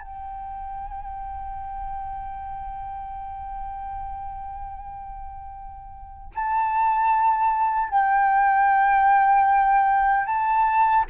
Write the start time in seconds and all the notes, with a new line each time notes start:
0.00 G5
6.35 A5
7.89 G5
10.26 A5